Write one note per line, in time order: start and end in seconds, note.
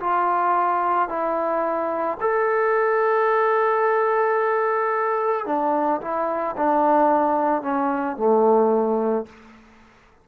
0.00 1.09 F4
1.09 2.18 E4
2.20 5.46 A4
5.46 6.00 D4
6.01 6.56 E4
6.57 7.62 D4
7.62 8.16 C#4
8.17 9.26 A3